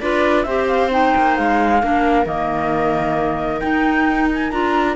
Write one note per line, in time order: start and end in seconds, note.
0.00 0.45 D4
0.00 0.47 F4
0.00 0.46 B4
0.00 0.43 D5
0.43 1.13 C4
0.43 0.90 G4
0.43 1.81 C5
0.43 0.65 E5
0.67 0.90 F5
0.90 1.80 D#4
0.90 1.36 G5
1.16 1.38 A#3
1.36 1.82 G#3
1.36 2.26 F5
1.81 2.26 A#3
1.81 2.25 D4
1.81 4.96 A#4
2.25 3.61 D#3
2.25 3.60 A#3
2.25 3.60 D#5
3.60 4.51 D#4
3.60 4.52 D#4
3.60 4.27 G5
4.33 4.50 G#5
4.50 4.96 D4
4.50 4.96 F4
4.50 4.95 A#5